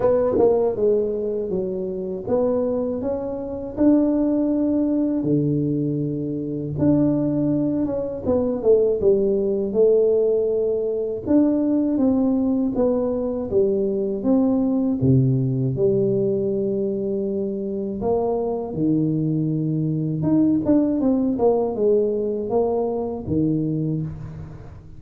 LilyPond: \new Staff \with { instrumentName = "tuba" } { \time 4/4 \tempo 4 = 80 b8 ais8 gis4 fis4 b4 | cis'4 d'2 d4~ | d4 d'4. cis'8 b8 a8 | g4 a2 d'4 |
c'4 b4 g4 c'4 | c4 g2. | ais4 dis2 dis'8 d'8 | c'8 ais8 gis4 ais4 dis4 | }